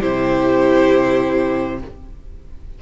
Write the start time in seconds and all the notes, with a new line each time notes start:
0.00 C3 E4 G4 C5